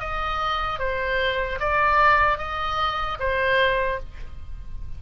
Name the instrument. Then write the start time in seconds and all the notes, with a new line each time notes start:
oboe
0.00 D#5
0.79 C5
1.60 D5
2.38 D#5
3.20 C5